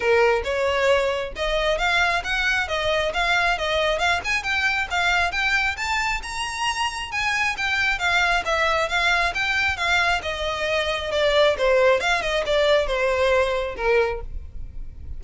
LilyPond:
\new Staff \with { instrumentName = "violin" } { \time 4/4 \tempo 4 = 135 ais'4 cis''2 dis''4 | f''4 fis''4 dis''4 f''4 | dis''4 f''8 gis''8 g''4 f''4 | g''4 a''4 ais''2 |
gis''4 g''4 f''4 e''4 | f''4 g''4 f''4 dis''4~ | dis''4 d''4 c''4 f''8 dis''8 | d''4 c''2 ais'4 | }